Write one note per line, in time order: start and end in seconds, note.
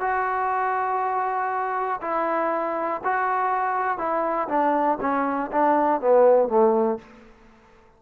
0.00 2.00 F#4
2.01 3.01 E4
3.04 3.97 F#4
3.97 4.47 E4
4.48 4.98 D4
5.00 5.50 C#4
5.51 6.00 D4
6.00 6.48 B3
6.48 6.98 A3